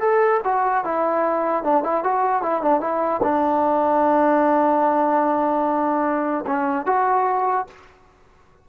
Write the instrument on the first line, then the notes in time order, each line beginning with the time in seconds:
trombone
0.00 A4
0.44 F#4
0.84 E4
1.63 D4
1.83 E4
2.03 F#4
2.42 E4
2.61 D4
2.80 E4
3.22 D4
6.46 C#4
6.86 F#4